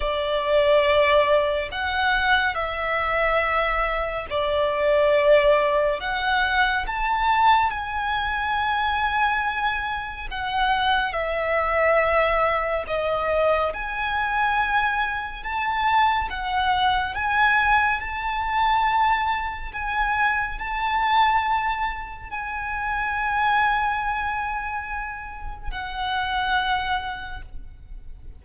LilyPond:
\new Staff \with { instrumentName = "violin" } { \time 4/4 \tempo 4 = 70 d''2 fis''4 e''4~ | e''4 d''2 fis''4 | a''4 gis''2. | fis''4 e''2 dis''4 |
gis''2 a''4 fis''4 | gis''4 a''2 gis''4 | a''2 gis''2~ | gis''2 fis''2 | }